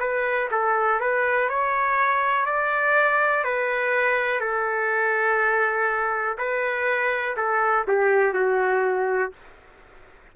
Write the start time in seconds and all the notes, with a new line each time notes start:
0.00 B4
0.52 A4
1.01 B4
1.50 C#5
2.46 D5
3.44 B4
4.41 A4
6.38 B4
7.37 A4
7.88 G4
8.34 F#4